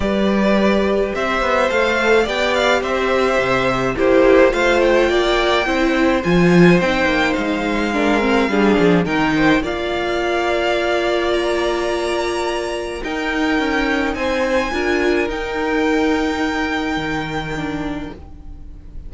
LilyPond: <<
  \new Staff \with { instrumentName = "violin" } { \time 4/4 \tempo 4 = 106 d''2 e''4 f''4 | g''8 f''8 e''2 c''4 | f''8 g''2~ g''8 gis''4 | g''4 f''2. |
g''4 f''2. | ais''2. g''4~ | g''4 gis''2 g''4~ | g''1 | }
  \new Staff \with { instrumentName = "violin" } { \time 4/4 b'2 c''2 | d''4 c''2 g'4 | c''4 d''4 c''2~ | c''2 ais'4 gis'4 |
ais'8 c''8 d''2.~ | d''2. ais'4~ | ais'4 c''4 ais'2~ | ais'1 | }
  \new Staff \with { instrumentName = "viola" } { \time 4/4 g'2. a'4 | g'2. e'4 | f'2 e'4 f'4 | dis'2 d'8 c'8 d'4 |
dis'4 f'2.~ | f'2. dis'4~ | dis'2 f'4 dis'4~ | dis'2. d'4 | }
  \new Staff \with { instrumentName = "cello" } { \time 4/4 g2 c'8 b8 a4 | b4 c'4 c4 ais4 | a4 ais4 c'4 f4 | c'8 ais8 gis2 g8 f8 |
dis4 ais2.~ | ais2. dis'4 | cis'4 c'4 d'4 dis'4~ | dis'2 dis2 | }
>>